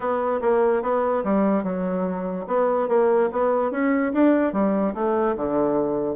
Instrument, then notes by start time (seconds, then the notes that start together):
bassoon
0.00 B3
0.41 A#3
0.82 B3
1.23 G3
1.63 F#3
2.47 B3
2.88 A#3
3.32 B3
3.71 C#4
4.13 D4
4.53 G3
4.94 A3
5.36 D3